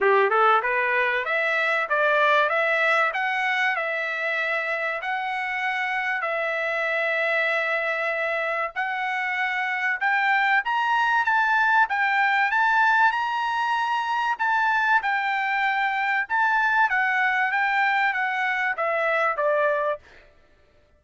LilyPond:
\new Staff \with { instrumentName = "trumpet" } { \time 4/4 \tempo 4 = 96 g'8 a'8 b'4 e''4 d''4 | e''4 fis''4 e''2 | fis''2 e''2~ | e''2 fis''2 |
g''4 ais''4 a''4 g''4 | a''4 ais''2 a''4 | g''2 a''4 fis''4 | g''4 fis''4 e''4 d''4 | }